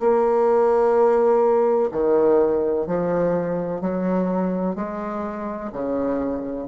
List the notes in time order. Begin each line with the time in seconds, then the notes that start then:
0.00 A#3
1.91 D#3
2.87 F3
3.81 F#3
4.76 G#3
5.73 C#3